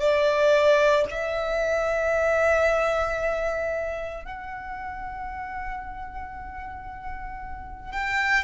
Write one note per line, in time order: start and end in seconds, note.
0.00 1.05 D5
1.11 4.25 E5
4.25 7.92 F#5
7.92 8.44 G5